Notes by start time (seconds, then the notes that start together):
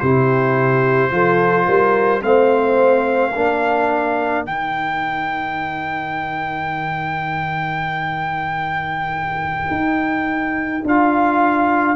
0.00 C3 E4 G4 C5
1.11 F3 F4 A4
1.66 G3 A#4
2.21 A3 C4 C5 F5
3.34 A#3 D4 A#4
4.45 D#3 D#4 G5
9.71 D#4
10.85 D4 F4 F5